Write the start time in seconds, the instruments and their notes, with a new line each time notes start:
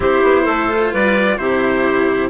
0.00 bassoon C4, cello E4, clarinet G4, trumpet C5
0.23 bassoon B3
0.43 bassoon A3, clarinet A4
0.69 cello F4
0.92 bassoon G3, clarinet B4, trumpet D5
1.38 bassoon C3, cello E4, clarinet G4, trumpet C5